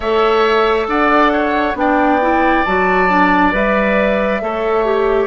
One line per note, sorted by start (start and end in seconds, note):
0.00 0.87 A3
0.00 1.75 A4
0.00 0.86 C#5
0.00 0.87 E5
0.87 1.74 D4
0.87 1.32 D5
0.87 1.76 F#5
1.32 1.76 C#5
1.74 2.63 B3
1.74 2.19 D4
1.74 4.42 D5
1.74 2.64 G5
2.20 2.64 E4
2.64 3.53 F#3
2.64 3.09 F#4
2.64 3.52 A5
3.09 3.52 D4
3.52 4.41 G3
3.52 4.40 B4
3.52 5.26 E5
4.41 5.26 A3
4.41 4.84 A4
4.41 5.26 C#5
4.84 5.26 G4